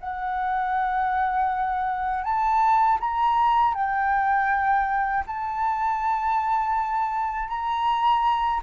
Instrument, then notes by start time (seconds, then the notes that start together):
flute
0.00 F#5
2.24 A5
3.00 A#5
3.74 G5
5.27 A5
7.48 A#5